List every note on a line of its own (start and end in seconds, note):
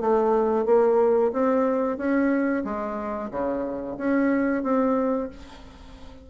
0.00 0.66 A3
0.66 1.32 A#3
1.33 1.98 C4
1.98 2.63 C#4
2.64 3.30 G#3
3.31 3.97 C#3
3.98 4.63 C#4
4.63 5.29 C4